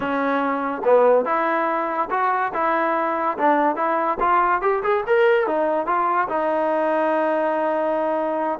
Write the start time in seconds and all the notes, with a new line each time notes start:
0.00 C#4
0.84 B3
1.25 E4
2.10 F#4
2.53 E4
3.38 D4
3.76 E4
4.20 F4
4.61 G4
4.83 G#4
5.06 A#4
5.46 D#4
5.86 F4
6.28 D#4